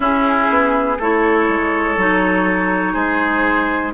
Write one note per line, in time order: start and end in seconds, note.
0.00 0.48 C#4
0.00 0.96 C#4
0.00 0.98 E4
0.00 1.01 G#4
0.49 0.98 B3
0.98 1.48 A3
0.98 1.98 E4
0.98 2.93 A4
0.98 2.94 C#5
1.48 1.97 G#3
1.97 2.95 F#3
1.97 3.94 D#4
2.93 3.93 G#3
2.93 3.91 G#4
2.93 3.92 C5